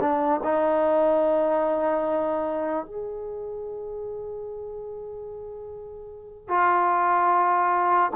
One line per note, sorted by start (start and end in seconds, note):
0.00 0.41 D4
0.43 2.85 D#4
2.85 6.48 G#4
6.48 8.10 F4